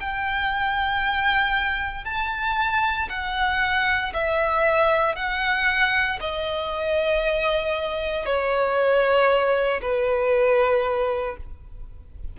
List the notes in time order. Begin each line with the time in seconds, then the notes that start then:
0.00 G5
2.05 A5
3.09 F#5
4.14 E5
5.16 F#5
6.21 D#5
8.26 C#5
9.82 B4